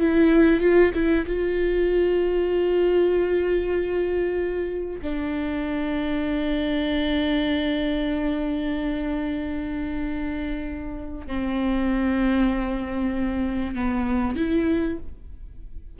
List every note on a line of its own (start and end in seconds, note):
0.00 0.60 E4
0.60 0.91 F4
0.94 1.25 E4
1.26 5.01 F4
5.02 11.27 D4
11.27 13.75 C4
13.75 14.36 B3
14.36 14.98 E4